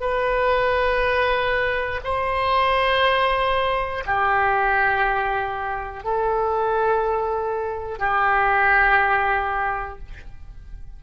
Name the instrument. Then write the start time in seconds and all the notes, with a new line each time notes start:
oboe
0.00 B4
2.04 C5
4.06 G4
6.04 A4
7.99 G4